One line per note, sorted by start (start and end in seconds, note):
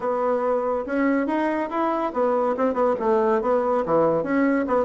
0.00 0.85 B3
0.86 1.27 C#4
1.27 1.69 D#4
1.70 2.12 E4
2.13 2.56 B3
2.56 2.73 C4
2.73 2.94 B3
2.99 3.41 A3
3.41 3.84 B3
3.85 4.23 E3
4.23 4.65 C#4
4.67 4.85 B3